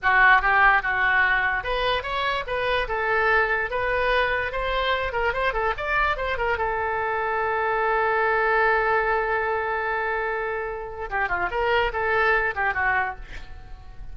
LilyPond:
\new Staff \with { instrumentName = "oboe" } { \time 4/4 \tempo 4 = 146 fis'4 g'4 fis'2 | b'4 cis''4 b'4 a'4~ | a'4 b'2 c''4~ | c''8 ais'8 c''8 a'8 d''4 c''8 ais'8 |
a'1~ | a'1~ | a'2. g'8 f'8 | ais'4 a'4. g'8 fis'4 | }